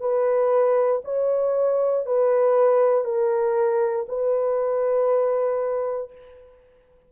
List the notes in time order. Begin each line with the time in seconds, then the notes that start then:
0.00 B4
1.04 C#5
2.06 B4
3.05 A#4
4.09 B4